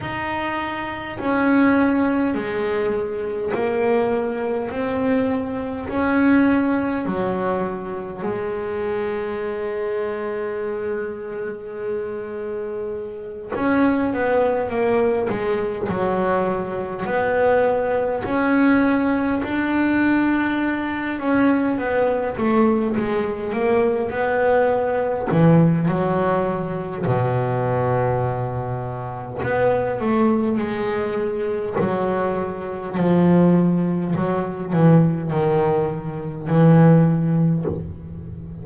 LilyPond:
\new Staff \with { instrumentName = "double bass" } { \time 4/4 \tempo 4 = 51 dis'4 cis'4 gis4 ais4 | c'4 cis'4 fis4 gis4~ | gis2.~ gis8 cis'8 | b8 ais8 gis8 fis4 b4 cis'8~ |
cis'8 d'4. cis'8 b8 a8 gis8 | ais8 b4 e8 fis4 b,4~ | b,4 b8 a8 gis4 fis4 | f4 fis8 e8 dis4 e4 | }